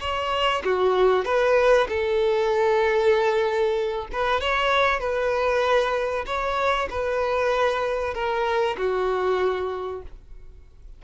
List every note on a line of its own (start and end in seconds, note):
0.00 0.62 C#5
0.64 1.25 F#4
1.25 1.88 B4
1.89 4.07 A4
4.12 4.41 B4
4.41 5.00 C#5
5.00 6.25 B4
6.26 6.89 C#5
6.90 8.14 B4
8.14 8.77 A#4
8.77 10.02 F#4